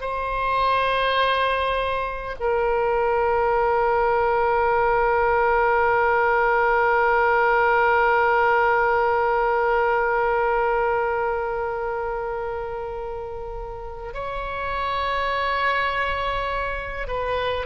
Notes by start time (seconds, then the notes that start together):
0.00 C5
2.40 A#4
14.13 C#5
17.07 B4